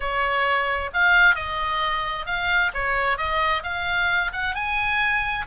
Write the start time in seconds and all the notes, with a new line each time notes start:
0.00 C#5
0.93 F5
1.35 D#5
2.26 F5
2.74 C#5
3.17 D#5
3.63 F5
4.33 F#5
4.55 G#5